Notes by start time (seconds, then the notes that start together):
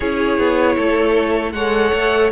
0.00 C#4 E4 G#4 C#5
0.37 B3
0.76 A3 A4
1.52 G#3 A4 C#5 F#5
1.93 A3